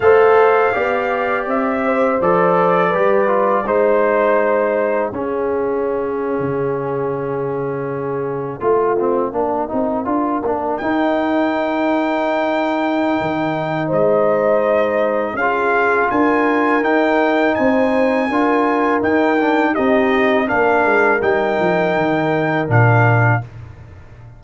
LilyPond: <<
  \new Staff \with { instrumentName = "trumpet" } { \time 4/4 \tempo 4 = 82 f''2 e''4 d''4~ | d''4 c''2 f''4~ | f''1~ | f''2~ f''8. g''4~ g''16~ |
g''2. dis''4~ | dis''4 f''4 gis''4 g''4 | gis''2 g''4 dis''4 | f''4 g''2 f''4 | }
  \new Staff \with { instrumentName = "horn" } { \time 4/4 c''4 d''4. c''4. | b'4 c''2 gis'4~ | gis'2.~ gis'8. f'16~ | f'8. ais'2.~ ais'16~ |
ais'2. c''4~ | c''4 gis'4 ais'2 | c''4 ais'2 g'4 | ais'1 | }
  \new Staff \with { instrumentName = "trombone" } { \time 4/4 a'4 g'2 a'4 | g'8 f'8 dis'2 cis'4~ | cis'2.~ cis'8. f'16~ | f'16 c'8 d'8 dis'8 f'8 d'8 dis'4~ dis'16~ |
dis'1~ | dis'4 f'2 dis'4~ | dis'4 f'4 dis'8 d'8 dis'4 | d'4 dis'2 d'4 | }
  \new Staff \with { instrumentName = "tuba" } { \time 4/4 a4 b4 c'4 f4 | g4 gis2 cis'4~ | cis'8. cis2. a16~ | a8. ais8 c'8 d'8 ais8 dis'4~ dis'16~ |
dis'2 dis4 gis4~ | gis4 cis'4 d'4 dis'4 | c'4 d'4 dis'4 c'4 | ais8 gis8 g8 f8 dis4 ais,4 | }
>>